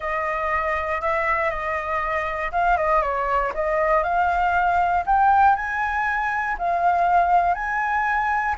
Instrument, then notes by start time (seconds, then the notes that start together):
flute
0.00 D#5
1.01 E5
1.50 D#5
2.52 F5
2.77 D#5
3.02 C#5
3.54 D#5
4.03 F5
5.06 G5
5.55 G#5
6.58 F5
7.54 G#5